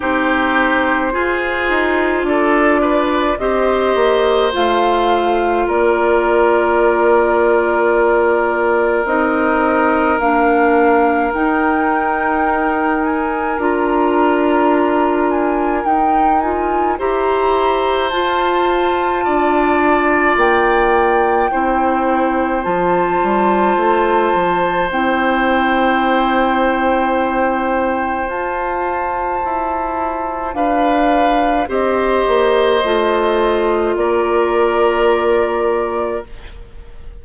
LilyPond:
<<
  \new Staff \with { instrumentName = "flute" } { \time 4/4 \tempo 4 = 53 c''2 d''4 dis''4 | f''4 d''2. | dis''4 f''4 g''4. gis''8 | ais''4. gis''8 g''8 gis''8 ais''4 |
a''2 g''2 | a''2 g''2~ | g''4 a''2 f''4 | dis''2 d''2 | }
  \new Staff \with { instrumentName = "oboe" } { \time 4/4 g'4 gis'4 a'8 b'8 c''4~ | c''4 ais'2.~ | ais'1~ | ais'2. c''4~ |
c''4 d''2 c''4~ | c''1~ | c''2. b'4 | c''2 ais'2 | }
  \new Staff \with { instrumentName = "clarinet" } { \time 4/4 dis'4 f'2 g'4 | f'1 | dis'4 d'4 dis'2 | f'2 dis'8 f'8 g'4 |
f'2. e'4 | f'2 e'2~ | e'4 f'2. | g'4 f'2. | }
  \new Staff \with { instrumentName = "bassoon" } { \time 4/4 c'4 f'8 dis'8 d'4 c'8 ais8 | a4 ais2. | c'4 ais4 dis'2 | d'2 dis'4 e'4 |
f'4 d'4 ais4 c'4 | f8 g8 a8 f8 c'2~ | c'4 f'4 e'4 d'4 | c'8 ais8 a4 ais2 | }
>>